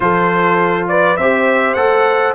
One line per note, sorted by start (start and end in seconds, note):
0.00 1.17 F3
0.00 1.17 F4
0.00 0.89 A4
0.00 0.87 C5
0.88 1.18 B4
0.88 1.16 D5
1.16 1.75 C4
1.16 1.76 G4
1.16 2.35 C5
1.16 1.74 E5
1.74 2.34 A3
1.74 2.35 A4
1.74 2.32 F#5